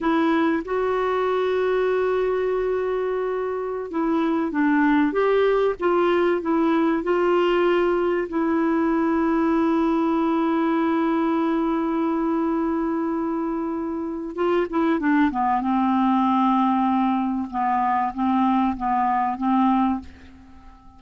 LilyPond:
\new Staff \with { instrumentName = "clarinet" } { \time 4/4 \tempo 4 = 96 e'4 fis'2.~ | fis'2~ fis'16 e'4 d'8.~ | d'16 g'4 f'4 e'4 f'8.~ | f'4~ f'16 e'2~ e'8.~ |
e'1~ | e'2. f'8 e'8 | d'8 b8 c'2. | b4 c'4 b4 c'4 | }